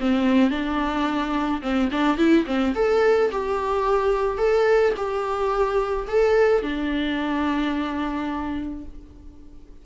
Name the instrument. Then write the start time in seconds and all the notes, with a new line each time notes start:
viola
0.00 C4
0.50 D4
1.61 C4
1.91 D4
2.17 E4
2.46 C4
2.75 A4
3.31 G4
4.38 A4
4.96 G4
6.08 A4
6.62 D4